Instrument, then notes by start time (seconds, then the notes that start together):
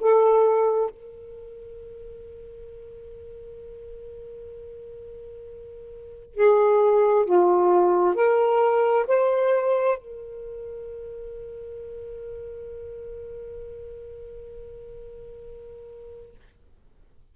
saxophone
0.00 A4
0.90 A#4
6.34 G#4
7.25 F4
8.15 A#4
9.07 C5
9.98 A#4